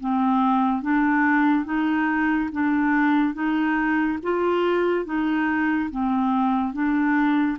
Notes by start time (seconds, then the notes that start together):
0.00 C4
0.82 D4
1.65 D#4
2.52 D4
3.34 D#4
4.23 F4
5.05 D#4
5.90 C4
6.73 D4